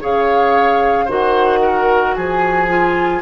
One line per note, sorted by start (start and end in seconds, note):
0.00 1.07 C#3
0.00 1.07 G#4
0.00 1.05 C#5
0.00 1.10 F5
1.05 2.15 D#3
1.05 2.68 F#4
1.05 1.58 C5
1.12 2.14 F#5
1.62 2.15 A#4
2.14 3.21 F3
2.14 3.21 G#4
2.14 3.21 G#5
2.68 3.21 F4